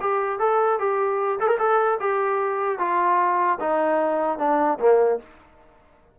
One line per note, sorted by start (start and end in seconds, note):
0.00 0.39 G4
0.39 0.79 A4
0.79 1.39 G4
1.39 1.47 A4
1.47 1.57 A#4
1.58 1.98 A4
1.99 2.79 G4
2.79 3.59 F4
3.59 4.38 D#4
4.38 4.78 D4
4.79 5.19 A#3